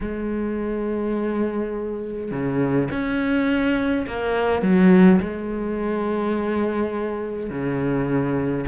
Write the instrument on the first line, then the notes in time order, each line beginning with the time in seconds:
cello
0.00 G#3
2.31 C#3
2.91 C#4
4.07 A#3
4.62 F#3
5.20 G#3
7.50 C#3